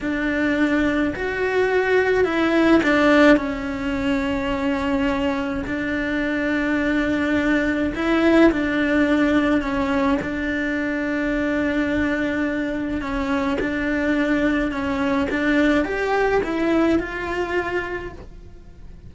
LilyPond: \new Staff \with { instrumentName = "cello" } { \time 4/4 \tempo 4 = 106 d'2 fis'2 | e'4 d'4 cis'2~ | cis'2 d'2~ | d'2 e'4 d'4~ |
d'4 cis'4 d'2~ | d'2. cis'4 | d'2 cis'4 d'4 | g'4 e'4 f'2 | }